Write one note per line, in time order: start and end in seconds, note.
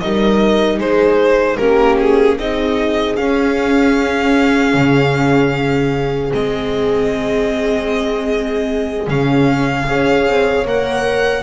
0.00 0.78 G3
0.00 1.59 D#4
0.00 0.78 A#4
0.00 0.79 D#5
0.78 1.57 G#3
0.78 1.57 G#4
0.78 1.57 C5
1.57 2.38 A#3
1.57 2.38 C#4
1.57 2.36 G4
1.57 1.97 A#4
1.99 2.39 G#4
2.37 3.17 C4
2.37 3.17 D#4
2.37 9.87 G#4
2.37 3.16 D#5
3.16 6.30 C#4
3.16 4.74 C#4
3.16 6.32 F5
4.74 6.32 C#3
6.30 9.08 G#3
6.30 9.07 C4
6.30 9.09 D#5
9.07 9.87 C#3
9.07 9.86 C#4
9.07 10.67 F5
9.87 10.27 C#4
9.87 10.65 G#4
9.87 11.43 C#5
10.27 10.64 C4
10.64 11.43 A#3
10.64 11.43 A#4
10.64 11.43 F#5